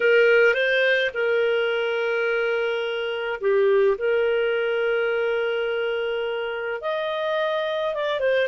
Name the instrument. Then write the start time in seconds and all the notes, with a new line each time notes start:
clarinet
0.00 A#4
0.54 C5
1.14 A#4
3.40 G4
3.98 A#4
6.81 D#5
7.94 D5
8.20 C5